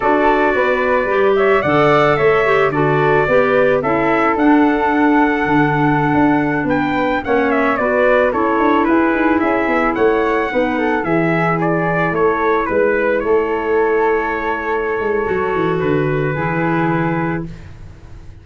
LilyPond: <<
  \new Staff \with { instrumentName = "trumpet" } { \time 4/4 \tempo 4 = 110 d''2~ d''8 e''8 fis''4 | e''4 d''2 e''4 | fis''1~ | fis''16 g''4 fis''8 e''8 d''4 cis''8.~ |
cis''16 b'4 e''4 fis''4.~ fis''16~ | fis''16 e''4 d''4 cis''4 b'8.~ | b'16 cis''2.~ cis''8.~ | cis''4 b'2. | }
  \new Staff \with { instrumentName = "flute" } { \time 4/4 a'4 b'4. cis''8 d''4 | cis''4 a'4 b'4 a'4~ | a'1~ | a'16 b'4 cis''4 b'4 a'8.~ |
a'16 gis'2 cis''4 b'8 a'16~ | a'16 gis'2 a'4 b'8.~ | b'16 a'2.~ a'8.~ | a'2 gis'2 | }
  \new Staff \with { instrumentName = "clarinet" } { \time 4/4 fis'2 g'4 a'4~ | a'8 g'8 fis'4 g'4 e'4 | d'1~ | d'4~ d'16 cis'4 fis'4 e'8.~ |
e'2.~ e'16 dis'8.~ | dis'16 e'2.~ e'8.~ | e'1 | fis'2 e'2 | }
  \new Staff \with { instrumentName = "tuba" } { \time 4/4 d'4 b4 g4 d4 | a4 d4 b4 cis'4 | d'2 d4~ d16 d'8.~ | d'16 b4 ais4 b4 cis'8 d'16~ |
d'16 e'8 dis'8 cis'8 b8 a4 b8.~ | b16 e2 a4 gis8.~ | gis16 a2.~ a16 gis8 | fis8 e8 d4 e2 | }
>>